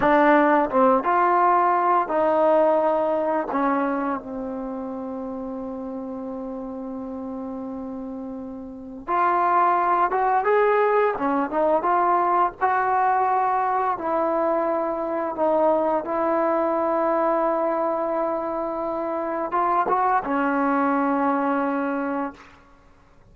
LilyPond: \new Staff \with { instrumentName = "trombone" } { \time 4/4 \tempo 4 = 86 d'4 c'8 f'4. dis'4~ | dis'4 cis'4 c'2~ | c'1~ | c'4 f'4. fis'8 gis'4 |
cis'8 dis'8 f'4 fis'2 | e'2 dis'4 e'4~ | e'1 | f'8 fis'8 cis'2. | }